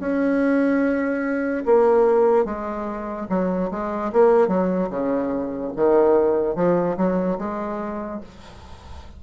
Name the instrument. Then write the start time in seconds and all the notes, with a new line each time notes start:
bassoon
0.00 C#4
1.66 A#3
2.45 G#3
3.29 F#3
3.71 G#3
4.12 A#3
4.48 F#3
4.90 C#3
5.76 D#3
6.55 F3
6.97 F#3
7.38 G#3